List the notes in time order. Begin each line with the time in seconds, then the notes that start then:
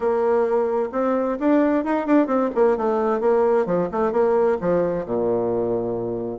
0.00 A#3
0.92 C4
1.39 D4
1.84 D#4
2.06 D4
2.26 C4
2.54 A#3
2.77 A3
3.20 A#3
3.66 F3
3.91 A3
4.11 A#3
4.60 F3
5.05 A#2